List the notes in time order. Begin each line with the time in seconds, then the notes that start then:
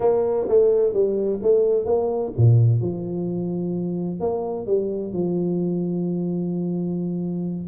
0.00 A#3
0.48 A3
0.93 G3
1.42 A3
1.85 A#3
2.37 A#2
2.81 F3
4.20 A#3
4.66 G3
5.12 F3